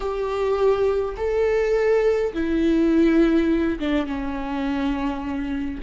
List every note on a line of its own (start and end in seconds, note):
0.00 1.15 G4
1.16 2.33 A4
2.33 3.79 E4
3.79 4.06 D4
4.06 5.81 C#4